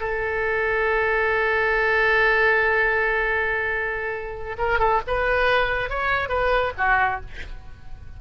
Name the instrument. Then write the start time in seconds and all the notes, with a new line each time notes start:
oboe
0.00 A4
4.58 A#4
4.79 A4
5.07 B4
5.90 C#5
6.29 B4
6.77 F#4